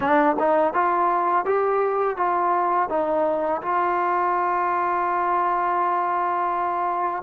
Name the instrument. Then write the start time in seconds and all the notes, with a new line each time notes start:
trombone
0.00 D4
0.39 D#4
0.73 F4
1.45 G4
2.17 F4
2.89 D#4
3.62 F4